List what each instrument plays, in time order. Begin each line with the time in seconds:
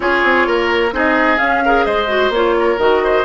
0.00 bassoon C#4, clarinet F4, oboe G#4, flute C#5
0.23 bassoon C4
0.47 bassoon A#3, oboe A#4
0.91 bassoon C4, clarinet D#4, oboe G#4, flute D#5
1.38 clarinet C#4, bassoon C#4, flute F5
1.65 clarinet G#4, oboe A#4
1.85 bassoon G#3, oboe C5, flute D#5
2.07 clarinet F#4
2.29 bassoon A#3, clarinet F4, flute C#5
2.59 oboe A#4
2.78 bassoon D#3, clarinet F#4, flute D#5
3.04 oboe C5